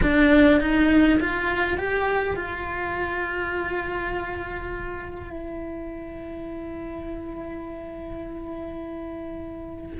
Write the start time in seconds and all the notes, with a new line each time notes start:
0.02 D4
0.60 D#4
1.20 F4
1.77 G4
2.36 F4
5.30 E4